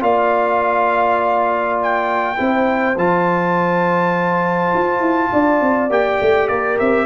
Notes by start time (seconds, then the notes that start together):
0.00 A#3 F4 D5 F5
1.82 G5
2.36 C4 E4 C5
2.96 F3 F4 A5
4.73 F4
4.99 E4
5.32 D4 D5
5.61 C4
5.89 A#3 G4 G5
6.21 A3
6.48 A#3 A#4 D5
6.79 C4 E5